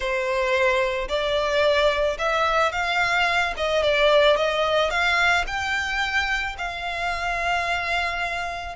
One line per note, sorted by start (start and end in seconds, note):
0.00 1.08 C5
1.08 2.17 D5
2.18 2.72 E5
2.72 3.54 F5
3.57 3.83 D#5
3.83 4.36 D5
4.36 4.90 D#5
4.90 5.44 F5
5.47 6.56 G5
6.58 8.75 F5